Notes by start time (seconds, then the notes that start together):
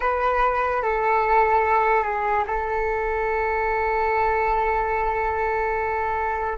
0.00 B4
0.82 A4
2.03 G#4
2.47 A4